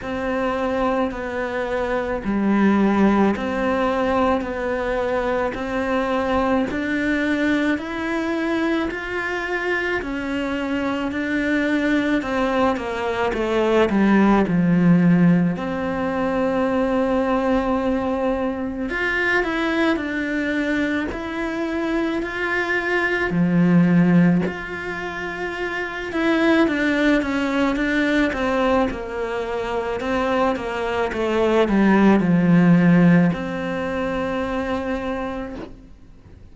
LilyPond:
\new Staff \with { instrumentName = "cello" } { \time 4/4 \tempo 4 = 54 c'4 b4 g4 c'4 | b4 c'4 d'4 e'4 | f'4 cis'4 d'4 c'8 ais8 | a8 g8 f4 c'2~ |
c'4 f'8 e'8 d'4 e'4 | f'4 f4 f'4. e'8 | d'8 cis'8 d'8 c'8 ais4 c'8 ais8 | a8 g8 f4 c'2 | }